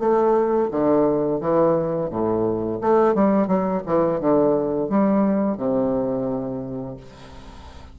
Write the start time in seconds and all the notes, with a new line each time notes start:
0.00 A3
0.71 D3
1.41 E3
2.10 A2
2.81 A3
3.15 G3
3.48 F#3
3.87 E3
4.21 D3
4.90 G3
5.58 C3